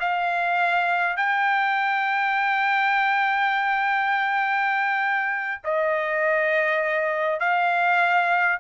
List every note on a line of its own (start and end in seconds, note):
0.00 1.17 F5
1.17 5.62 G5
5.64 7.40 D#5
7.40 8.59 F5